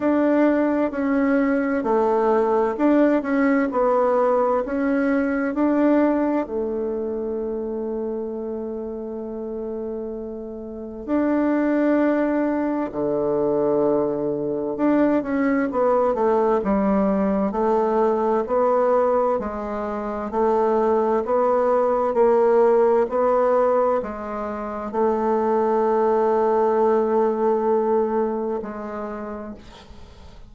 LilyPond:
\new Staff \with { instrumentName = "bassoon" } { \time 4/4 \tempo 4 = 65 d'4 cis'4 a4 d'8 cis'8 | b4 cis'4 d'4 a4~ | a1 | d'2 d2 |
d'8 cis'8 b8 a8 g4 a4 | b4 gis4 a4 b4 | ais4 b4 gis4 a4~ | a2. gis4 | }